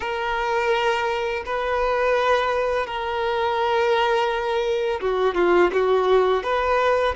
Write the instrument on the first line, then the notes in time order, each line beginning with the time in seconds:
violin
0.00 A#4
1.45 B4
2.86 A#4
5.00 F#4
5.34 F4
5.72 F#4
6.43 B4